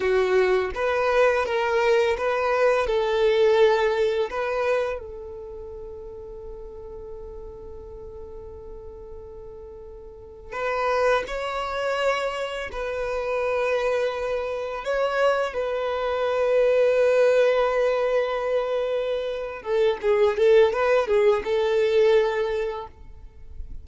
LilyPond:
\new Staff \with { instrumentName = "violin" } { \time 4/4 \tempo 4 = 84 fis'4 b'4 ais'4 b'4 | a'2 b'4 a'4~ | a'1~ | a'2~ a'8. b'4 cis''16~ |
cis''4.~ cis''16 b'2~ b'16~ | b'8. cis''4 b'2~ b'16~ | b'2.~ b'8 a'8 | gis'8 a'8 b'8 gis'8 a'2 | }